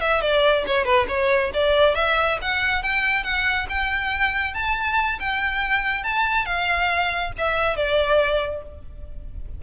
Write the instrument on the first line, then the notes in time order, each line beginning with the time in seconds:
violin
0.00 E5
0.21 D5
0.66 C#5
0.85 B4
1.08 C#5
1.53 D5
1.95 E5
2.42 F#5
2.83 G5
3.23 F#5
3.69 G5
4.54 A5
5.19 G5
6.04 A5
6.45 F5
7.38 E5
7.76 D5